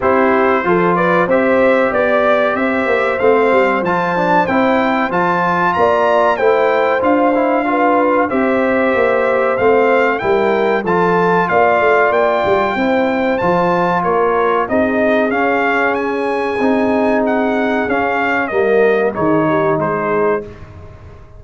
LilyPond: <<
  \new Staff \with { instrumentName = "trumpet" } { \time 4/4 \tempo 4 = 94 c''4. d''8 e''4 d''4 | e''4 f''4 a''4 g''4 | a''4 ais''4 g''4 f''4~ | f''4 e''2 f''4 |
g''4 a''4 f''4 g''4~ | g''4 a''4 cis''4 dis''4 | f''4 gis''2 fis''4 | f''4 dis''4 cis''4 c''4 | }
  \new Staff \with { instrumentName = "horn" } { \time 4/4 g'4 a'8 b'8 c''4 d''4 | c''1~ | c''4 d''4 c''2 | b'4 c''2. |
ais'4 a'4 d''2 | c''2 ais'4 gis'4~ | gis'1~ | gis'4 ais'4 gis'8 g'8 gis'4 | }
  \new Staff \with { instrumentName = "trombone" } { \time 4/4 e'4 f'4 g'2~ | g'4 c'4 f'8 d'8 e'4 | f'2 e'4 f'8 e'8 | f'4 g'2 c'4 |
e'4 f'2. | e'4 f'2 dis'4 | cis'2 dis'2 | cis'4 ais4 dis'2 | }
  \new Staff \with { instrumentName = "tuba" } { \time 4/4 c'4 f4 c'4 b4 | c'8 ais8 a8 g8 f4 c'4 | f4 ais4 a4 d'4~ | d'4 c'4 ais4 a4 |
g4 f4 ais8 a8 ais8 g8 | c'4 f4 ais4 c'4 | cis'2 c'2 | cis'4 g4 dis4 gis4 | }
>>